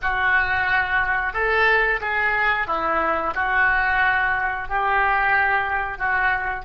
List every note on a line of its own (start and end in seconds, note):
0.02 1.33 F#4
1.33 1.99 A4
2.00 2.67 G#4
2.67 3.33 E4
3.35 4.68 F#4
4.68 5.98 G4
5.98 6.65 F#4